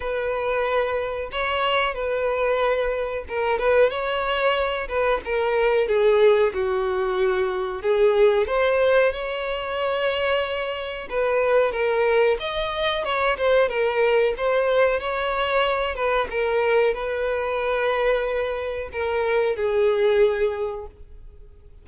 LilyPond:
\new Staff \with { instrumentName = "violin" } { \time 4/4 \tempo 4 = 92 b'2 cis''4 b'4~ | b'4 ais'8 b'8 cis''4. b'8 | ais'4 gis'4 fis'2 | gis'4 c''4 cis''2~ |
cis''4 b'4 ais'4 dis''4 | cis''8 c''8 ais'4 c''4 cis''4~ | cis''8 b'8 ais'4 b'2~ | b'4 ais'4 gis'2 | }